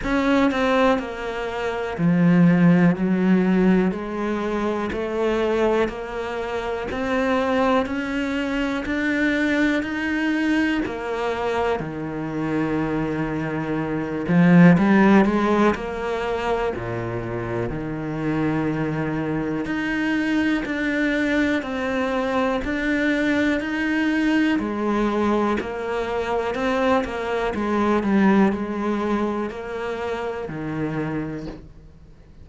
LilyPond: \new Staff \with { instrumentName = "cello" } { \time 4/4 \tempo 4 = 61 cis'8 c'8 ais4 f4 fis4 | gis4 a4 ais4 c'4 | cis'4 d'4 dis'4 ais4 | dis2~ dis8 f8 g8 gis8 |
ais4 ais,4 dis2 | dis'4 d'4 c'4 d'4 | dis'4 gis4 ais4 c'8 ais8 | gis8 g8 gis4 ais4 dis4 | }